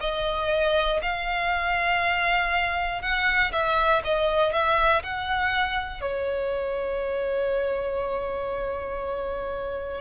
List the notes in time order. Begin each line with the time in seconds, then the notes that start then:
0.00 D#5
1.02 F5
3.01 F#5
3.52 E5
4.04 D#5
4.53 E5
5.03 F#5
6.01 C#5